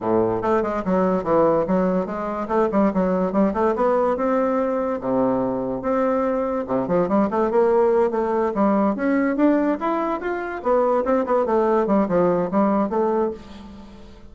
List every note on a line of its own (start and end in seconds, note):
0.00 0.42 A2
0.42 0.62 A3
0.62 0.83 G#3
0.84 1.23 F#3
1.23 1.65 E3
1.67 2.06 F#3
2.06 2.47 G#3
2.48 2.69 A3
2.71 2.92 G3
2.93 3.32 F#3
3.32 3.53 G3
3.53 3.74 A3
3.75 4.16 B3
4.16 5.00 C4
5.00 5.82 C3
5.82 6.65 C4
6.67 6.87 C3
6.87 7.08 F3
7.08 7.29 G3
7.30 7.50 A3
7.50 8.11 A#3
8.11 8.52 A3
8.54 8.95 G3
8.95 9.36 C#4
9.36 9.78 D4
9.80 10.20 E4
10.20 10.62 F4
10.62 11.04 B3
11.04 11.25 C4
11.25 11.45 B3
11.45 11.87 A3
11.87 12.07 G3
12.08 12.49 F3
12.51 12.89 G3
12.89 13.31 A3